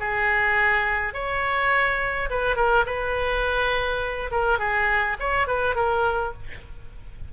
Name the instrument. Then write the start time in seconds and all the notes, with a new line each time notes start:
oboe
0.00 G#4
1.14 C#5
2.30 B4
2.56 A#4
2.86 B4
4.31 A#4
4.59 G#4
5.20 C#5
5.48 B4
5.75 A#4